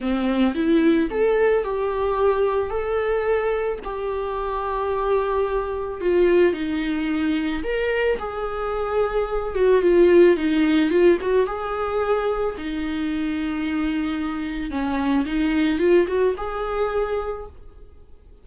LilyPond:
\new Staff \with { instrumentName = "viola" } { \time 4/4 \tempo 4 = 110 c'4 e'4 a'4 g'4~ | g'4 a'2 g'4~ | g'2. f'4 | dis'2 ais'4 gis'4~ |
gis'4. fis'8 f'4 dis'4 | f'8 fis'8 gis'2 dis'4~ | dis'2. cis'4 | dis'4 f'8 fis'8 gis'2 | }